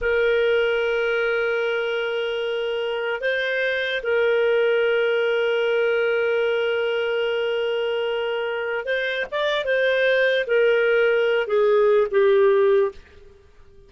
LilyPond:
\new Staff \with { instrumentName = "clarinet" } { \time 4/4 \tempo 4 = 149 ais'1~ | ais'1 | c''2 ais'2~ | ais'1~ |
ais'1~ | ais'2 c''4 d''4 | c''2 ais'2~ | ais'8 gis'4. g'2 | }